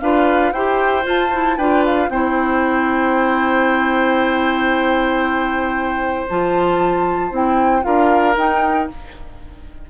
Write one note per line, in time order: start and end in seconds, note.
0.00 0.52 D4
0.00 0.54 F4
0.00 0.53 B4
0.00 0.52 F5
0.52 1.05 E4
0.52 1.03 G4
0.52 1.57 C5
0.52 1.04 G5
1.03 1.29 F4
1.03 1.57 F4
1.03 1.57 A5
1.32 1.59 E4
1.57 2.08 D4
1.57 2.11 F4
1.57 2.09 B4
1.57 1.83 G5
1.85 2.10 F5
2.08 6.26 C4
2.08 6.29 E4
2.08 7.85 C5
2.08 6.27 G5
6.29 7.31 F3
6.29 7.31 F4
6.29 7.33 A5
7.31 7.83 C4
7.31 7.81 E4
7.31 7.83 G5
7.81 8.36 D4
7.81 8.34 F4
7.81 8.90 A#4
7.81 8.35 F5
8.36 8.88 D#4
8.36 8.90 D#4
8.36 8.90 G5